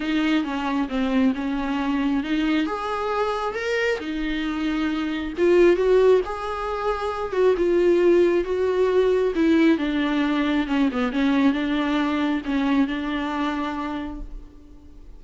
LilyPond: \new Staff \with { instrumentName = "viola" } { \time 4/4 \tempo 4 = 135 dis'4 cis'4 c'4 cis'4~ | cis'4 dis'4 gis'2 | ais'4 dis'2. | f'4 fis'4 gis'2~ |
gis'8 fis'8 f'2 fis'4~ | fis'4 e'4 d'2 | cis'8 b8 cis'4 d'2 | cis'4 d'2. | }